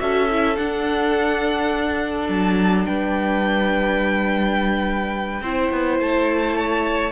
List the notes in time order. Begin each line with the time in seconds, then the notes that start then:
0.00 C#4 F#4 A4 E5
0.30 E4
0.56 D4 F#5
2.29 F#3 A5
2.86 G3 B4 G5
5.41 C4 E4 C5
5.71 B3
5.99 A3 A5
6.56 C#5